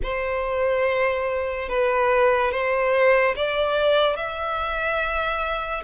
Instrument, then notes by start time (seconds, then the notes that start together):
violin
0.02 C5
1.69 B4
2.51 C5
3.35 D5
4.16 E5